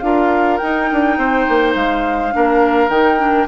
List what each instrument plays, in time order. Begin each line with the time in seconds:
0.00 bassoon D4, clarinet F4, oboe A#4, flute F5
0.58 bassoon D#4, clarinet D#4, flute G5
0.92 bassoon D4
1.18 bassoon C4, oboe C5
1.49 bassoon A#3
1.75 bassoon G#3, flute F5
2.32 bassoon A#3, clarinet D4, oboe A#4
2.89 bassoon D#3, clarinet D#4, flute G5
3.19 clarinet D4